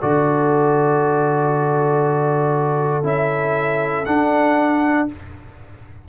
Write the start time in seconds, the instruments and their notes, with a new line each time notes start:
0.00 tuba D3, trombone F#4, horn A4, trumpet D5
3.03 tuba C#4, trombone E4, trumpet E5
4.05 tuba D4, trombone D4, trumpet F#5